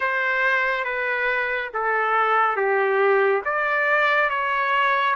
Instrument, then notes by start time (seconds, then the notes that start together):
trumpet
0.00 C5
0.84 B4
1.73 A4
2.56 G4
3.44 D5
4.29 C#5